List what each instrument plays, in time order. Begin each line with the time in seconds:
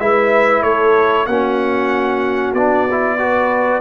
0.00 tuba G#3, trombone E4, horn B4, trumpet E5
0.63 tuba A3, horn A4, trumpet C#5
1.27 tuba A#3, trombone C#4, horn F#4, trumpet F#5
2.54 tuba B3, trombone D4, trumpet D5
2.91 trombone E4
3.19 trombone F#4, horn B4